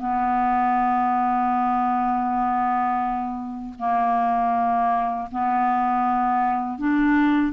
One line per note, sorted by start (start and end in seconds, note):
0.00 3.75 B3
3.79 5.29 A#3
5.32 6.79 B3
6.79 7.53 D4